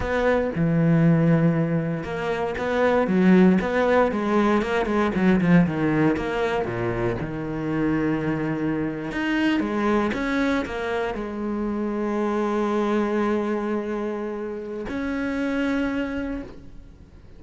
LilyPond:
\new Staff \with { instrumentName = "cello" } { \time 4/4 \tempo 4 = 117 b4 e2. | ais4 b4 fis4 b4 | gis4 ais8 gis8 fis8 f8 dis4 | ais4 ais,4 dis2~ |
dis4.~ dis16 dis'4 gis4 cis'16~ | cis'8. ais4 gis2~ gis16~ | gis1~ | gis4 cis'2. | }